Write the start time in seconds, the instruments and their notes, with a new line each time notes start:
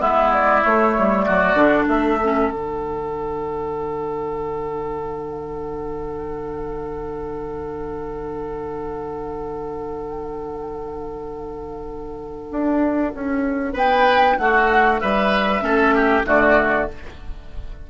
0.00 bassoon G#3, clarinet B3, oboe E4, flute E5
0.34 flute D5
0.64 clarinet A3, bassoon A3, flute C#5
0.99 bassoon G3
1.24 bassoon F#3, oboe F#4, flute D5
1.55 bassoon D3, clarinet D4
1.88 bassoon A3, oboe A4, flute E5
2.24 clarinet C#4
2.51 bassoon D3, clarinet D4, flute F#5
12.52 bassoon D4
13.15 bassoon C#4
13.74 bassoon B3, oboe B4, flute G5
14.39 bassoon A3, oboe F#4, flute F#5
15.00 bassoon G3, oboe B4, flute E5
15.62 bassoon A3, clarinet C#4, oboe A4
15.95 oboe G4
16.26 bassoon D3, clarinet A3, oboe F#4, flute D5